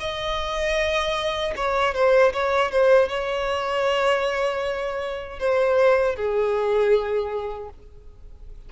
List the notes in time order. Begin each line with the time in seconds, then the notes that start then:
0.00 D#5
1.56 C#5
1.94 C5
2.33 C#5
2.71 C5
3.09 C#5
5.40 C5
6.16 G#4